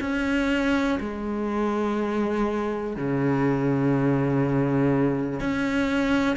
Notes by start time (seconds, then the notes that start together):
0.00 C#4
1.00 G#3
2.96 C#3
5.40 C#4